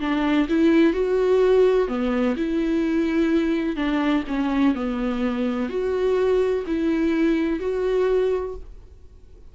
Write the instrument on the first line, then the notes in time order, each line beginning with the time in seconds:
viola
0.00 D4
0.49 E4
0.94 F#4
1.88 B3
2.37 E4
3.76 D4
4.28 C#4
4.75 B3
5.69 F#4
6.67 E4
7.60 F#4